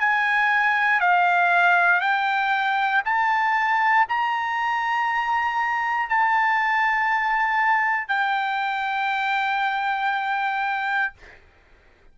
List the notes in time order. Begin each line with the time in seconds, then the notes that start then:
0.00 G#5
1.00 F5
2.01 G5
3.05 A5
4.09 A#5
6.09 A5
8.08 G5